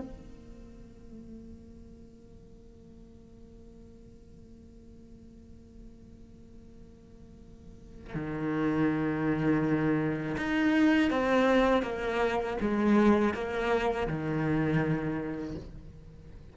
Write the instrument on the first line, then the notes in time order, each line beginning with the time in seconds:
cello
0.00 A#3
8.14 D#3
10.37 D#4
11.10 C4
11.82 A#3
12.61 G#3
13.34 A#3
14.07 D#3